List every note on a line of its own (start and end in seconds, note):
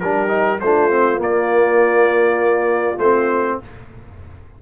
0.00 0.61 G3
0.00 0.27 D4
0.00 0.62 G4
0.00 0.59 A#4
0.27 0.57 D#4
0.60 1.19 A3
0.60 0.90 D4
0.60 3.59 F4
0.60 1.20 C5
0.90 1.17 C4
1.17 2.96 A#3
1.17 2.97 A#3
1.17 2.99 D5
2.98 3.58 A3
2.98 3.62 C4
2.98 3.58 C5